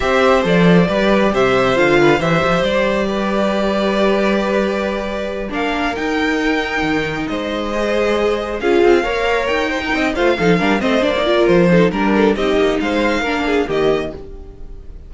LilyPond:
<<
  \new Staff \with { instrumentName = "violin" } { \time 4/4 \tempo 4 = 136 e''4 d''2 e''4 | f''4 e''4 d''2~ | d''1~ | d''8 f''4 g''2~ g''8~ |
g''8 dis''2. f''8~ | f''4. g''4. f''4~ | f''8 dis''8 d''4 c''4 ais'4 | dis''4 f''2 dis''4 | }
  \new Staff \with { instrumentName = "violin" } { \time 4/4 c''2 b'4 c''4~ | c''8 b'8 c''2 b'4~ | b'1~ | b'8 ais'2.~ ais'8~ |
ais'8 c''2. gis'8~ | gis'8 cis''4. c''16 ais'16 dis''8 c''8 a'8 | ais'8 c''4 ais'4 a'8 ais'8 a'8 | g'4 c''4 ais'8 gis'8 g'4 | }
  \new Staff \with { instrumentName = "viola" } { \time 4/4 g'4 a'4 g'2 | f'4 g'2.~ | g'1~ | g'8 d'4 dis'2~ dis'8~ |
dis'4. gis'2 f'8~ | f'8 ais'4. dis'4 f'8 dis'8 | d'8 c'8 d'16 dis'16 f'4 dis'8 d'4 | dis'2 d'4 ais4 | }
  \new Staff \with { instrumentName = "cello" } { \time 4/4 c'4 f4 g4 c4 | d4 e8 f8 g2~ | g1~ | g8 ais4 dis'2 dis8~ |
dis8 gis2. cis'8 | c'8 ais4 dis'4 c'8 a8 f8 | g8 a8 ais4 f4 g4 | c'8 ais8 gis4 ais4 dis4 | }
>>